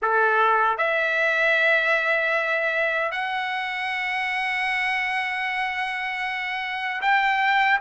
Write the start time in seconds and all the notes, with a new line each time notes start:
0.02 A4
0.77 E5
3.11 F#5
7.01 G5